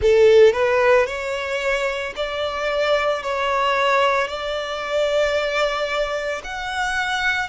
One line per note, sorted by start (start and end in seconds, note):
0.01 0.52 A4
0.52 1.06 B4
1.06 2.13 C#5
2.16 3.22 D5
3.22 4.27 C#5
4.27 6.41 D5
6.43 7.49 F#5